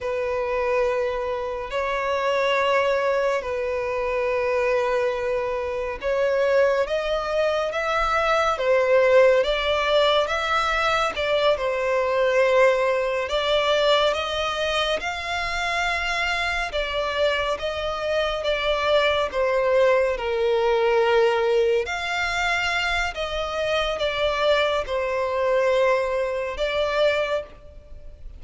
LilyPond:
\new Staff \with { instrumentName = "violin" } { \time 4/4 \tempo 4 = 70 b'2 cis''2 | b'2. cis''4 | dis''4 e''4 c''4 d''4 | e''4 d''8 c''2 d''8~ |
d''8 dis''4 f''2 d''8~ | d''8 dis''4 d''4 c''4 ais'8~ | ais'4. f''4. dis''4 | d''4 c''2 d''4 | }